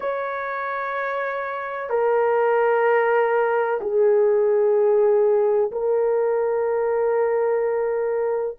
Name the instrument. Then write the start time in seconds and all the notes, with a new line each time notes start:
horn
0.00 C#5
1.89 A#4
3.81 G#4
5.71 A#4